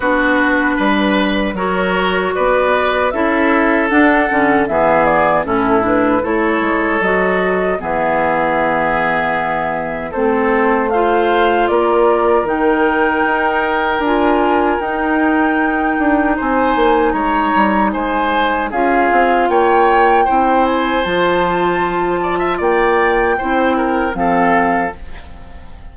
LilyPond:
<<
  \new Staff \with { instrumentName = "flute" } { \time 4/4 \tempo 4 = 77 b'2 cis''4 d''4 | e''4 fis''4 e''8 d''8 a'8 b'8 | cis''4 dis''4 e''2~ | e''4 c''4 f''4 d''4 |
g''2 gis''4 g''4~ | g''4 gis''4 ais''4 gis''4 | f''4 g''4. gis''8 a''4~ | a''4 g''2 f''4 | }
  \new Staff \with { instrumentName = "oboe" } { \time 4/4 fis'4 b'4 ais'4 b'4 | a'2 gis'4 e'4 | a'2 gis'2~ | gis'4 a'4 c''4 ais'4~ |
ais'1~ | ais'4 c''4 cis''4 c''4 | gis'4 cis''4 c''2~ | c''8 d''16 e''16 d''4 c''8 ais'8 a'4 | }
  \new Staff \with { instrumentName = "clarinet" } { \time 4/4 d'2 fis'2 | e'4 d'8 cis'8 b4 cis'8 d'8 | e'4 fis'4 b2~ | b4 c'4 f'2 |
dis'2 f'4 dis'4~ | dis'1 | f'2 e'4 f'4~ | f'2 e'4 c'4 | }
  \new Staff \with { instrumentName = "bassoon" } { \time 4/4 b4 g4 fis4 b4 | cis'4 d'8 d8 e4 a,4 | a8 gis8 fis4 e2~ | e4 a2 ais4 |
dis4 dis'4 d'4 dis'4~ | dis'8 d'8 c'8 ais8 gis8 g8 gis4 | cis'8 c'8 ais4 c'4 f4~ | f4 ais4 c'4 f4 | }
>>